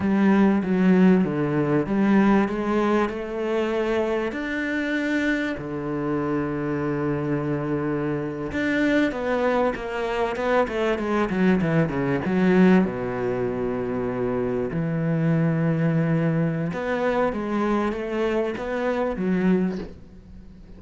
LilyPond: \new Staff \with { instrumentName = "cello" } { \time 4/4 \tempo 4 = 97 g4 fis4 d4 g4 | gis4 a2 d'4~ | d'4 d2.~ | d4.~ d16 d'4 b4 ais16~ |
ais8. b8 a8 gis8 fis8 e8 cis8 fis16~ | fis8. b,2. e16~ | e2. b4 | gis4 a4 b4 fis4 | }